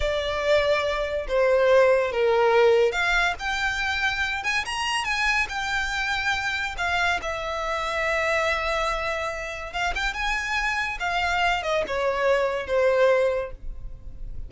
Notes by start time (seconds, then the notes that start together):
0.00 D5
1.28 C5
2.12 A#4
2.92 F5
3.39 G5
4.43 G#5
4.65 A#5
5.04 G#5
5.48 G5
6.77 F5
7.22 E5
9.72 F5
9.95 G5
10.13 G#5
10.99 F5
11.63 D#5
11.87 C#5
12.66 C5